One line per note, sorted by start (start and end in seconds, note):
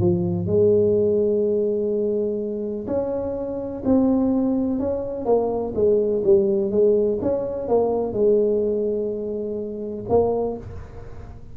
0.00 0.46 F3
0.46 2.86 G#3
2.87 3.83 C#4
3.85 4.79 C4
4.79 5.25 C#4
5.25 5.73 A#3
5.75 6.23 G#3
6.24 6.71 G3
6.71 7.19 G#3
7.22 7.68 C#4
7.68 8.13 A#3
8.13 10.05 G#3
10.09 10.57 A#3